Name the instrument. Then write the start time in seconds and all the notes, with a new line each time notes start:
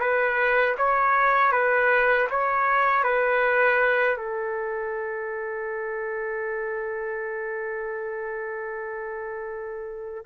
trumpet
0.00 B4
0.78 C#5
1.52 B4
2.31 C#5
3.04 B4
4.17 A4